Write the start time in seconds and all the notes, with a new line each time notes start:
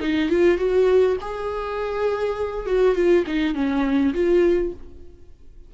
0.00 D#4
0.29 F4
0.57 F#4
1.21 G#4
2.66 F#4
2.95 F4
3.26 D#4
3.54 C#4
4.14 F4